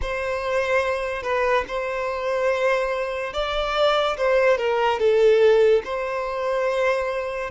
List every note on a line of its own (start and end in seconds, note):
0.01 1.22 C5
1.22 1.64 B4
1.67 3.33 C5
3.33 4.16 D5
4.17 4.57 C5
4.57 4.98 A#4
4.98 5.82 A4
5.84 7.50 C5